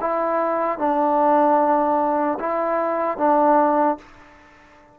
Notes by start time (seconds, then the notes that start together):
0.00 E4
0.78 D4
2.40 E4
3.17 D4